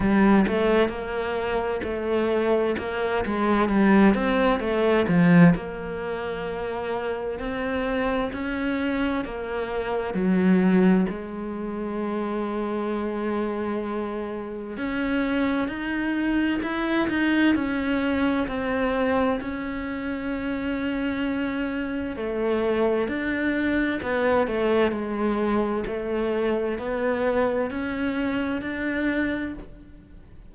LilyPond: \new Staff \with { instrumentName = "cello" } { \time 4/4 \tempo 4 = 65 g8 a8 ais4 a4 ais8 gis8 | g8 c'8 a8 f8 ais2 | c'4 cis'4 ais4 fis4 | gis1 |
cis'4 dis'4 e'8 dis'8 cis'4 | c'4 cis'2. | a4 d'4 b8 a8 gis4 | a4 b4 cis'4 d'4 | }